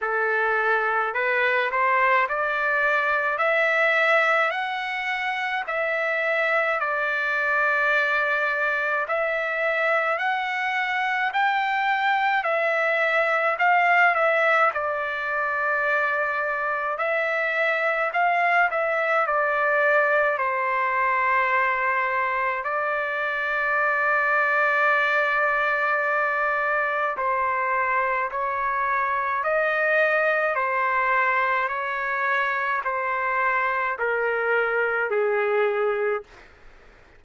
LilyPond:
\new Staff \with { instrumentName = "trumpet" } { \time 4/4 \tempo 4 = 53 a'4 b'8 c''8 d''4 e''4 | fis''4 e''4 d''2 | e''4 fis''4 g''4 e''4 | f''8 e''8 d''2 e''4 |
f''8 e''8 d''4 c''2 | d''1 | c''4 cis''4 dis''4 c''4 | cis''4 c''4 ais'4 gis'4 | }